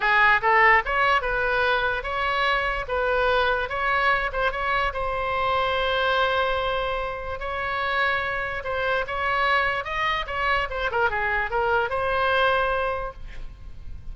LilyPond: \new Staff \with { instrumentName = "oboe" } { \time 4/4 \tempo 4 = 146 gis'4 a'4 cis''4 b'4~ | b'4 cis''2 b'4~ | b'4 cis''4. c''8 cis''4 | c''1~ |
c''2 cis''2~ | cis''4 c''4 cis''2 | dis''4 cis''4 c''8 ais'8 gis'4 | ais'4 c''2. | }